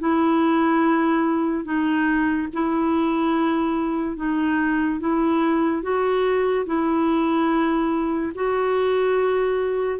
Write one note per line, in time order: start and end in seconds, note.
0.00 1.65 E4
1.65 2.48 D#4
2.54 4.17 E4
4.17 5.00 D#4
5.00 5.83 E4
5.83 6.66 F#4
6.66 8.33 E4
8.35 10.00 F#4